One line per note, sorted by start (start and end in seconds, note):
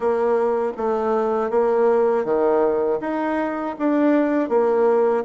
0.00 0.72 A#3
0.77 1.50 A3
1.50 2.24 A#3
2.24 2.99 D#3
3.00 3.75 D#4
3.79 4.49 D4
4.49 5.24 A#3